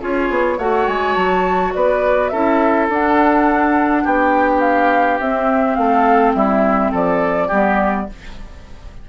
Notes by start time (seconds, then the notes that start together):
0.00 C#4 F4 G#4 C#5
0.29 B3
0.58 A3 F#4 C#5 F#5
0.87 G#3 G#5
1.15 F#3 A5
1.73 B3 B4 D5
2.28 C#4 E4 A4 E5
2.89 D4 F#5
4.03 B3 G4 G5
4.60 F5
5.19 C4 E5
5.74 A3 A4 F5
6.34 G3 E4 E5
6.91 F3 A4 D5
7.47 G3 B3 G4